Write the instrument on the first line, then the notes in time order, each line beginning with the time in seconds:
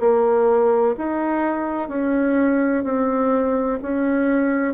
bassoon
0.00 A#3
0.98 D#4
1.89 C#4
2.84 C4
3.83 C#4